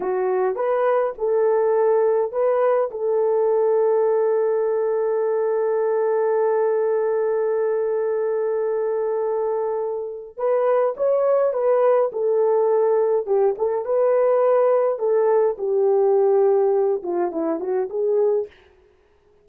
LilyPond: \new Staff \with { instrumentName = "horn" } { \time 4/4 \tempo 4 = 104 fis'4 b'4 a'2 | b'4 a'2.~ | a'1~ | a'1~ |
a'2 b'4 cis''4 | b'4 a'2 g'8 a'8 | b'2 a'4 g'4~ | g'4. f'8 e'8 fis'8 gis'4 | }